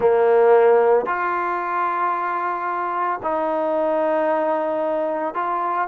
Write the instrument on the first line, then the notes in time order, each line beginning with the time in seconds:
trombone
0.00 A#3
1.06 F4
3.22 D#4
5.34 F4